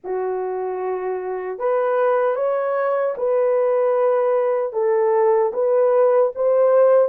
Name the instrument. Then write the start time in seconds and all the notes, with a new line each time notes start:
horn
0.04 F#4
1.59 B4
2.35 C#5
3.17 B4
4.73 A4
5.53 B4
6.35 C5